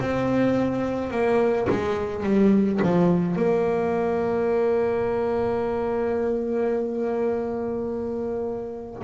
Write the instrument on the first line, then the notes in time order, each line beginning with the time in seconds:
double bass
0.00 C4
1.11 A#3
1.70 G#3
2.23 G3
2.83 F3
3.37 A#3